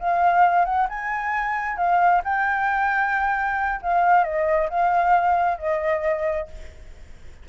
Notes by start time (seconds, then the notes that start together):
0.00 F5
0.65 F#5
0.89 G#5
1.77 F5
2.24 G5
3.83 F5
4.24 D#5
4.70 F5
5.58 D#5